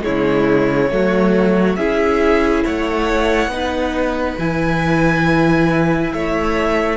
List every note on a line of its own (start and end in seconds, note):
0.00 0.87 G#3
0.00 0.91 E4
0.00 1.76 C#5
0.07 0.91 C#3
0.91 1.77 F#3
0.91 1.78 A3
0.91 1.78 F#4
1.76 2.64 C#4
1.76 3.51 E4
1.76 2.64 G#4
1.76 2.63 E5
2.64 3.47 A3
2.64 3.51 C#5
2.64 4.39 F#5
3.47 4.34 B3
3.47 4.38 D#4
3.47 6.13 B4
4.38 6.12 E3
4.38 6.97 E4
4.38 6.12 G#5
6.13 6.97 A3
6.13 6.97 C#5
6.13 6.97 E5